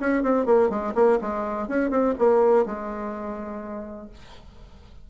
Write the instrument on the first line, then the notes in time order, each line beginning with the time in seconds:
bassoon
0.00 C#4
0.23 C4
0.46 A#3
0.70 G#3
0.95 A#3
1.21 G#3
1.68 C#4
1.90 C4
2.19 A#3
2.66 G#3